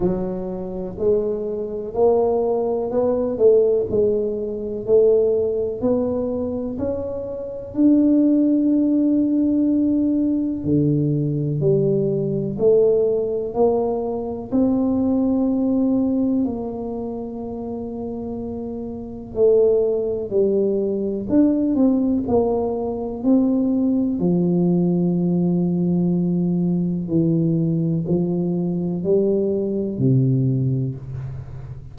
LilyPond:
\new Staff \with { instrumentName = "tuba" } { \time 4/4 \tempo 4 = 62 fis4 gis4 ais4 b8 a8 | gis4 a4 b4 cis'4 | d'2. d4 | g4 a4 ais4 c'4~ |
c'4 ais2. | a4 g4 d'8 c'8 ais4 | c'4 f2. | e4 f4 g4 c4 | }